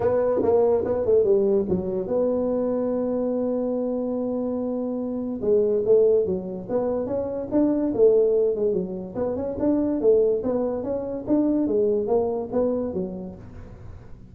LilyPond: \new Staff \with { instrumentName = "tuba" } { \time 4/4 \tempo 4 = 144 b4 ais4 b8 a8 g4 | fis4 b2.~ | b1~ | b4 gis4 a4 fis4 |
b4 cis'4 d'4 a4~ | a8 gis8 fis4 b8 cis'8 d'4 | a4 b4 cis'4 d'4 | gis4 ais4 b4 fis4 | }